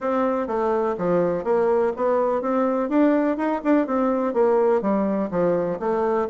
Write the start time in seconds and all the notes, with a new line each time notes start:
0.00 C4
0.47 A3
0.97 F3
1.44 A#3
1.96 B3
2.41 C4
2.89 D4
3.37 D#4
3.64 D4
3.86 C4
4.33 A#3
4.81 G3
5.30 F3
5.79 A3